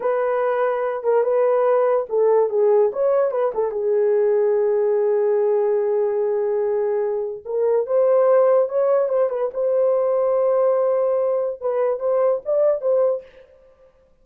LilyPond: \new Staff \with { instrumentName = "horn" } { \time 4/4 \tempo 4 = 145 b'2~ b'8 ais'8 b'4~ | b'4 a'4 gis'4 cis''4 | b'8 a'8 gis'2.~ | gis'1~ |
gis'2 ais'4 c''4~ | c''4 cis''4 c''8 b'8 c''4~ | c''1 | b'4 c''4 d''4 c''4 | }